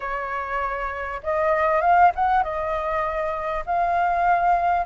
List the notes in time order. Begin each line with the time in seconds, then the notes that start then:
0.00 C#5
1.23 D#5
1.81 F5
2.15 F#5
2.43 D#5
3.66 F5